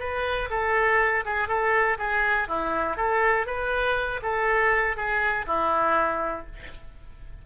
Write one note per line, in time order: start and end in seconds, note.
0.00 0.50 B4
0.50 1.25 A4
1.25 1.49 G#4
1.49 1.98 A4
1.99 2.48 G#4
2.48 2.97 E4
2.97 3.47 A4
3.47 4.21 B4
4.23 4.97 A4
4.97 5.46 G#4
5.47 6.46 E4